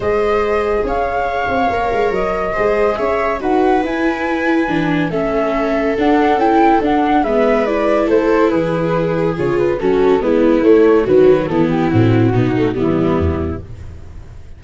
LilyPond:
<<
  \new Staff \with { instrumentName = "flute" } { \time 4/4 \tempo 4 = 141 dis''2 f''2~ | f''4 dis''2 e''4 | fis''4 gis''2. | e''2 fis''4 g''4 |
fis''4 e''4 d''4 c''4 | b'2 cis''8 b'8 a'4 | b'4 cis''4 b'4 a'8 g'8 | fis'2 e'2 | }
  \new Staff \with { instrumentName = "viola" } { \time 4/4 c''2 cis''2~ | cis''2 c''4 cis''4 | b'1 | a'1~ |
a'4 b'2 a'4 | gis'2. fis'4 | e'2 fis'4 e'4~ | e'4 dis'4 b2 | }
  \new Staff \with { instrumentName = "viola" } { \time 4/4 gis'1 | ais'2 gis'2 | fis'4 e'2 d'4 | cis'2 d'4 e'4 |
d'4 b4 e'2~ | e'2 f'4 cis'4 | b4 a4 fis4 b4 | c'4 b8 a8 g2 | }
  \new Staff \with { instrumentName = "tuba" } { \time 4/4 gis2 cis'4. c'8 | ais8 gis8 fis4 gis4 cis'4 | dis'4 e'2 e4 | a2 d'4 cis'4 |
d'4 gis2 a4 | e2 cis4 fis4 | gis4 a4 dis4 e4 | a,4 b,4 e4 e,4 | }
>>